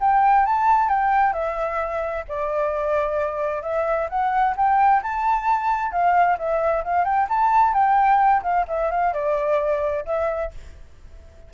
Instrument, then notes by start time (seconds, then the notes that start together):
flute
0.00 G5
0.45 A5
0.89 G5
1.33 E5
2.28 D5
3.62 E5
4.09 F#5
4.56 G5
5.02 A5
5.91 F5
6.38 E5
6.84 F5
7.04 G5
7.29 A5
7.73 G5
8.42 F5
8.68 E5
8.91 F5
9.13 D5
10.05 E5